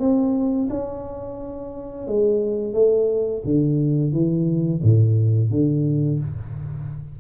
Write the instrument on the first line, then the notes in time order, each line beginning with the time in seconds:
tuba
0.00 C4
0.70 C#4
2.08 G#3
2.74 A3
3.45 D3
4.13 E3
4.83 A2
5.51 D3